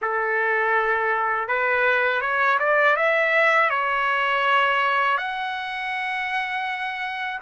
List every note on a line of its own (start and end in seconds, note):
0.01 1.47 A4
1.47 2.21 B4
2.21 2.58 C#5
2.59 2.96 D5
2.96 3.70 E5
3.70 5.17 C#5
5.17 7.39 F#5